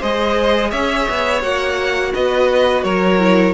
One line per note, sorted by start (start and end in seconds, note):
0.00 0.73 G#3
0.00 1.42 G#4
0.00 0.70 C5
0.00 0.71 D#5
0.70 1.08 C#4
0.70 2.12 C#5
0.70 1.42 E5
1.10 1.43 B3
1.42 2.14 A#3
1.42 3.18 F#4
1.42 2.14 F#5
2.14 2.84 B3
2.14 2.85 B4
2.14 2.84 D#5
2.84 3.54 F#3
2.84 3.54 A#4
2.84 3.54 C#5
3.19 3.54 E4